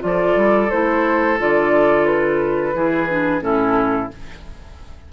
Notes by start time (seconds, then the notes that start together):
0.00 F3 F4 D5
0.07 A4
0.36 G3
0.70 A3 E4 C5
1.38 D3 F4 D5
2.05 B4
2.74 E3 E4 G#4
3.09 D4
3.40 A2 C#4 E4 A4